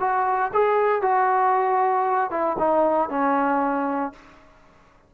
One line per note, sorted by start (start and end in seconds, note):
0.00 0.52 F#4
0.54 1.02 G#4
1.02 2.31 F#4
2.31 2.57 E4
2.59 3.09 D#4
3.09 4.13 C#4